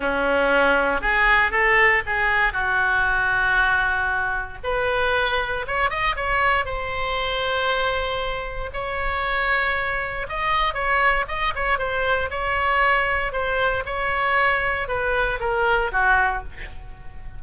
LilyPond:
\new Staff \with { instrumentName = "oboe" } { \time 4/4 \tempo 4 = 117 cis'2 gis'4 a'4 | gis'4 fis'2.~ | fis'4 b'2 cis''8 dis''8 | cis''4 c''2.~ |
c''4 cis''2. | dis''4 cis''4 dis''8 cis''8 c''4 | cis''2 c''4 cis''4~ | cis''4 b'4 ais'4 fis'4 | }